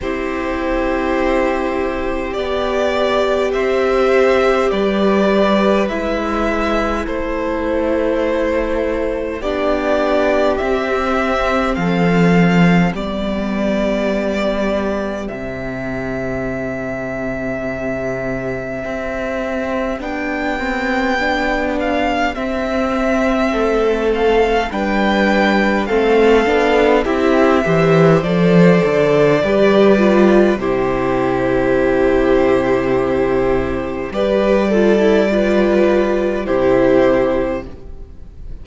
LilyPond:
<<
  \new Staff \with { instrumentName = "violin" } { \time 4/4 \tempo 4 = 51 c''2 d''4 e''4 | d''4 e''4 c''2 | d''4 e''4 f''4 d''4~ | d''4 e''2.~ |
e''4 g''4. f''8 e''4~ | e''8 f''8 g''4 f''4 e''4 | d''2 c''2~ | c''4 d''2 c''4 | }
  \new Staff \with { instrumentName = "violin" } { \time 4/4 g'2. c''4 | b'2 a'2 | g'2 a'4 g'4~ | g'1~ |
g'1 | a'4 b'4 a'4 g'8 c''8~ | c''4 b'4 g'2~ | g'4 b'8 a'8 b'4 g'4 | }
  \new Staff \with { instrumentName = "viola" } { \time 4/4 e'2 g'2~ | g'4 e'2. | d'4 c'2 b4~ | b4 c'2.~ |
c'4 d'8 c'8 d'4 c'4~ | c'4 d'4 c'8 d'8 e'8 g'8 | a'4 g'8 f'8 e'2~ | e'4 g'8 f'16 e'16 f'4 e'4 | }
  \new Staff \with { instrumentName = "cello" } { \time 4/4 c'2 b4 c'4 | g4 gis4 a2 | b4 c'4 f4 g4~ | g4 c2. |
c'4 b2 c'4 | a4 g4 a8 b8 c'8 e8 | f8 d8 g4 c2~ | c4 g2 c4 | }
>>